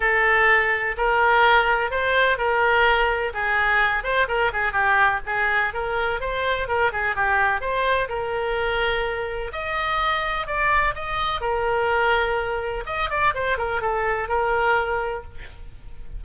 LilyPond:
\new Staff \with { instrumentName = "oboe" } { \time 4/4 \tempo 4 = 126 a'2 ais'2 | c''4 ais'2 gis'4~ | gis'8 c''8 ais'8 gis'8 g'4 gis'4 | ais'4 c''4 ais'8 gis'8 g'4 |
c''4 ais'2. | dis''2 d''4 dis''4 | ais'2. dis''8 d''8 | c''8 ais'8 a'4 ais'2 | }